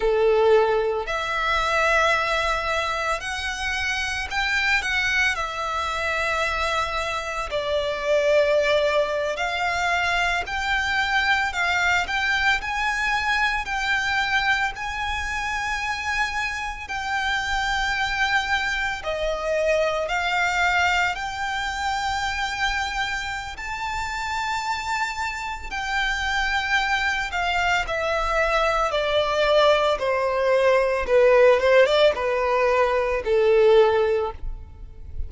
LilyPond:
\new Staff \with { instrumentName = "violin" } { \time 4/4 \tempo 4 = 56 a'4 e''2 fis''4 | g''8 fis''8 e''2 d''4~ | d''8. f''4 g''4 f''8 g''8 gis''16~ | gis''8. g''4 gis''2 g''16~ |
g''4.~ g''16 dis''4 f''4 g''16~ | g''2 a''2 | g''4. f''8 e''4 d''4 | c''4 b'8 c''16 d''16 b'4 a'4 | }